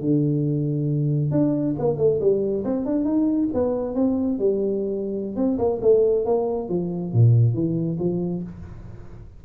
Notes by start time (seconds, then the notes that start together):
0.00 D3
1.31 D4
1.78 A#3
1.97 A3
2.20 G3
2.64 C4
2.85 D4
3.04 D#4
3.53 B3
3.95 C4
4.38 G3
5.35 C4
5.58 A#3
5.81 A3
6.25 A#3
6.68 F3
7.12 A#2
7.53 E3
7.99 F3